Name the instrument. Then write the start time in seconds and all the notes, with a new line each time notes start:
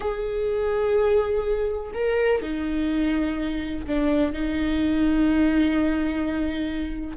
viola
0.00 G#4
1.94 A#4
2.42 D#4
3.86 D4
4.33 D#4